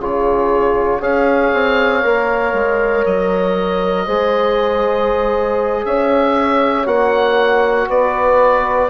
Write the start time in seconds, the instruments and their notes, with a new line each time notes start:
0.00 bassoon C#3, trombone F4, horn G#4, oboe C#5
1.01 bassoon C#4, trombone G#4, horn C#5, oboe F5
1.54 bassoon C4
2.03 bassoon A#3, trombone A#4
2.54 bassoon G#3
3.06 bassoon F#3, oboe D#5
4.06 bassoon G#3, trombone G#4, horn C5
5.85 bassoon C#4, horn C#5, oboe E5
6.86 bassoon A#3, trombone F#4, oboe F#5
7.89 bassoon B3, horn B4, oboe D5